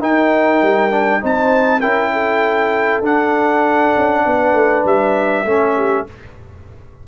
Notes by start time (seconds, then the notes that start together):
0.00 D#4 A#4 G5
0.62 G3
0.91 D4
1.20 C4 D#4 C5 A5
1.80 C#4 E4 A#4 G5
2.13 A4
3.02 D4 F#5
3.96 C#4
4.25 B3 B4
4.53 A3
4.84 G3 E5
5.45 A3 C#4 A4
5.76 G4